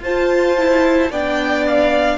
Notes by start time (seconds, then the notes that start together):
0.00 F4 C5 A5
0.06 F4
0.58 E4
1.11 B3 D4 D5 G5
1.68 F5